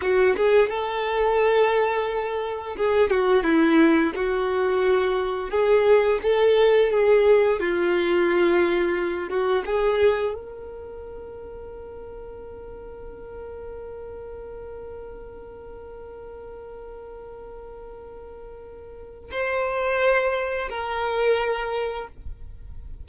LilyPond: \new Staff \with { instrumentName = "violin" } { \time 4/4 \tempo 4 = 87 fis'8 gis'8 a'2. | gis'8 fis'8 e'4 fis'2 | gis'4 a'4 gis'4 f'4~ | f'4. fis'8 gis'4 ais'4~ |
ais'1~ | ais'1~ | ais'1 | c''2 ais'2 | }